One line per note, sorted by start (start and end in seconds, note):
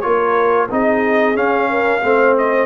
0.00 0.71 A#3
0.00 0.69 F4
0.00 0.69 A#4
0.00 0.67 C#5
0.70 1.36 C4
0.70 1.35 D#4
0.70 1.69 G#4
0.70 1.36 D#5
1.35 2.02 C#4
1.35 2.03 C#4
1.35 2.36 F5
1.69 2.02 A#4
2.02 2.66 A3
2.02 2.66 C4
2.02 2.66 C5
2.38 2.66 D#5